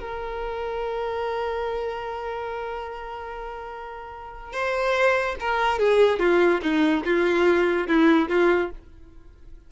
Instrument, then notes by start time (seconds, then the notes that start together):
violin
0.00 A#4
4.53 C5
5.40 A#4
5.79 G#4
6.20 F4
6.63 D#4
7.05 F4
7.88 E4
8.29 F4